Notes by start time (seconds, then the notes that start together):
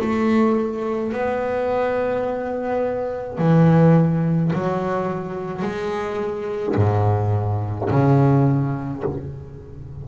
0.00 A3
1.13 B3
3.38 E3
4.53 F#3
5.62 G#3
6.76 G#2
7.90 C#3